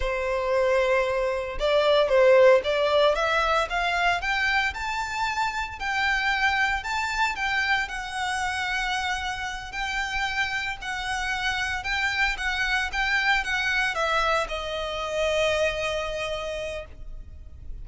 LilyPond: \new Staff \with { instrumentName = "violin" } { \time 4/4 \tempo 4 = 114 c''2. d''4 | c''4 d''4 e''4 f''4 | g''4 a''2 g''4~ | g''4 a''4 g''4 fis''4~ |
fis''2~ fis''8 g''4.~ | g''8 fis''2 g''4 fis''8~ | fis''8 g''4 fis''4 e''4 dis''8~ | dis''1 | }